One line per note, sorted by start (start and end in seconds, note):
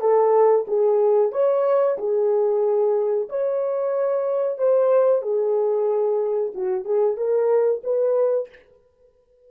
0.00 0.65 A4
0.67 1.32 G#4
1.32 1.97 C#5
1.97 3.28 G#4
3.29 4.58 C#5
4.58 5.22 C5
5.22 6.52 G#4
6.54 6.84 F#4
6.84 7.17 G#4
7.17 7.82 A#4
7.83 8.49 B4